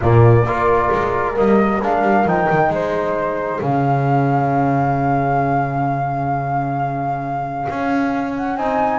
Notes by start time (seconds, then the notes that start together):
0.01 A#2 A#3 F4 D5
0.44 A#3 F4 A#4
0.92 G#3
1.34 G3 A#3 D#5
1.81 G#3 D4 F5
2.01 G3
2.25 F3 D#4 G5
2.50 D#3
2.69 G#3 G#4 C5
3.61 C#3 C#4 F5
7.69 C#4
8.36 F#5
8.56 C4 D#4 G#5